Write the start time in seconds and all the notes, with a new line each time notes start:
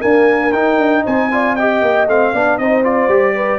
0.00 A#3 D4 A#4 G#5
0.52 D#4 G5
0.78 D4
1.04 C4 C5 G#5
1.31 F4 D5
1.56 G4 D#5 G5
1.82 A#3
2.07 A3 C4 F5
2.33 B3 D4 D5
2.58 C4 D#4 C5 D#5
2.84 F4 D5
3.08 G3 G4
3.35 B4